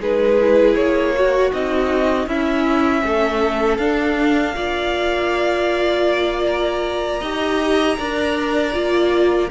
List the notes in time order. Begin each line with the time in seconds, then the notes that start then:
0.00 G#3 D#4 G#4 B4
0.41 E4
0.75 A#3 C#5
1.14 F#4
1.52 C4 D#4 D#5
2.27 C#4 E4 E5
3.04 A3 A4
3.77 D4 F5
4.55 A#3 F4 D5
6.47 A#5
7.20 D#4 G4 D#5
7.98 D4 A#4 D5
8.72 A#3 F4